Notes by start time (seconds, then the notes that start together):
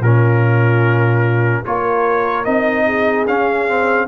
0.00 A#2 C#4 F4 A#4
1.66 A#3 F4 A#4 C#5
2.45 C4 D#4 D#5
2.87 G#4
3.27 C#4 F5
3.69 C4